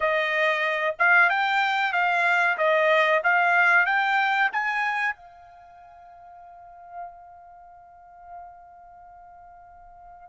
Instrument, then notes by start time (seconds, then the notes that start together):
trumpet
0.00 D#5
0.98 F5
1.29 G5
1.92 F5
2.57 D#5
3.23 F5
3.85 G5
4.52 G#5
5.15 F5